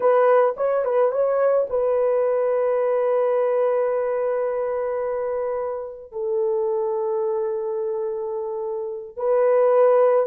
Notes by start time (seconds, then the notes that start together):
0.00 B4
0.57 C#5
0.84 B4
1.11 C#5
1.69 B4
6.11 A4
9.16 B4